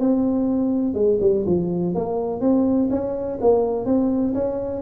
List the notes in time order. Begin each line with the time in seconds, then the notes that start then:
0.00 C4
0.94 G#3
1.21 G3
1.47 F3
1.95 A#3
2.41 C4
2.90 C#4
3.41 A#3
3.86 C4
4.35 C#4